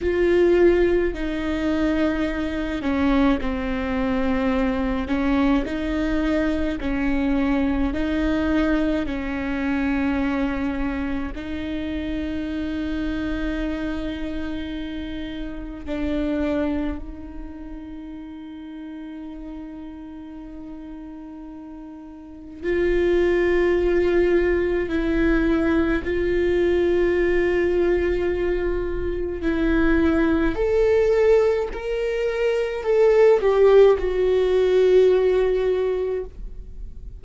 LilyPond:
\new Staff \with { instrumentName = "viola" } { \time 4/4 \tempo 4 = 53 f'4 dis'4. cis'8 c'4~ | c'8 cis'8 dis'4 cis'4 dis'4 | cis'2 dis'2~ | dis'2 d'4 dis'4~ |
dis'1 | f'2 e'4 f'4~ | f'2 e'4 a'4 | ais'4 a'8 g'8 fis'2 | }